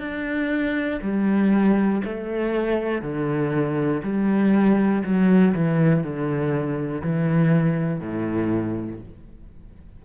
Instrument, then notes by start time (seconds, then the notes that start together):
cello
0.00 D4
1.02 G3
2.05 A3
3.02 D3
4.03 G3
5.04 F#3
5.55 E3
6.04 D3
7.01 E3
8.00 A2